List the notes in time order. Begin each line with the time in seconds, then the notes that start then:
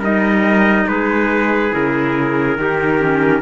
0.00 G3 D#4 A#4 D#5
0.87 G#3 G#4 B4
1.71 C#3 E4 A#4
2.57 D#3 D#4 G4
3.00 C#4